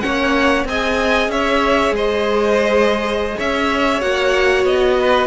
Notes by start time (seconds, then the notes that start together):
0.00 A#3 C#4 C#5 F#5
0.64 C4 G#4 D#5 G#5
1.28 C#4 C#5 E5
1.91 G#3 C5 D#5
3.37 C#4 C#5 E5
4.00 A#3 F#4 F#5
4.64 B3 D#5
5.00 B4